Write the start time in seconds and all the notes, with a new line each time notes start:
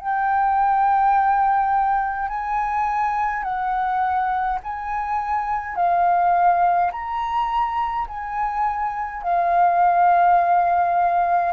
0.00 G5
2.29 G#5
3.44 F#5
4.64 G#5
5.76 F5
6.92 A#5
8.08 G#5
9.23 F5